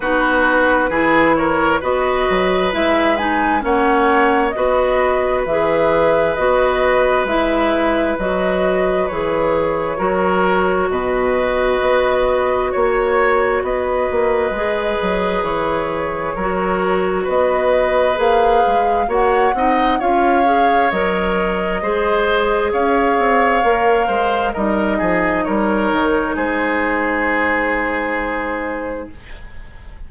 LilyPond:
<<
  \new Staff \with { instrumentName = "flute" } { \time 4/4 \tempo 4 = 66 b'4. cis''8 dis''4 e''8 gis''8 | fis''4 dis''4 e''4 dis''4 | e''4 dis''4 cis''2 | dis''2 cis''4 dis''4~ |
dis''4 cis''2 dis''4 | f''4 fis''4 f''4 dis''4~ | dis''4 f''2 dis''4 | cis''4 c''2. | }
  \new Staff \with { instrumentName = "oboe" } { \time 4/4 fis'4 gis'8 ais'8 b'2 | cis''4 b'2.~ | b'2. ais'4 | b'2 cis''4 b'4~ |
b'2 ais'4 b'4~ | b'4 cis''8 dis''8 cis''2 | c''4 cis''4. c''8 ais'8 gis'8 | ais'4 gis'2. | }
  \new Staff \with { instrumentName = "clarinet" } { \time 4/4 dis'4 e'4 fis'4 e'8 dis'8 | cis'4 fis'4 gis'4 fis'4 | e'4 fis'4 gis'4 fis'4~ | fis'1 |
gis'2 fis'2 | gis'4 fis'8 dis'8 f'8 gis'8 ais'4 | gis'2 ais'4 dis'4~ | dis'1 | }
  \new Staff \with { instrumentName = "bassoon" } { \time 4/4 b4 e4 b8 fis8 gis4 | ais4 b4 e4 b4 | gis4 fis4 e4 fis4 | b,4 b4 ais4 b8 ais8 |
gis8 fis8 e4 fis4 b4 | ais8 gis8 ais8 c'8 cis'4 fis4 | gis4 cis'8 c'8 ais8 gis8 g8 f8 | g8 dis8 gis2. | }
>>